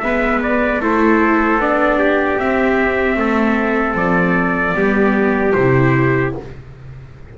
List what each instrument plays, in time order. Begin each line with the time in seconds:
0.00 double bass G#3, viola B3, trumpet B4 E5
0.42 trumpet D5
0.80 double bass A3, viola E4, trumpet A4 C5
1.56 double bass B3, viola D4, trumpet D5
1.99 trumpet G4
2.38 viola C4, double bass C4, trumpet E5
3.15 double bass A3, trumpet A4
3.94 double bass F3, trumpet D5
4.74 double bass G3, viola B3, trumpet G4
5.53 double bass C3, viola E4, trumpet C5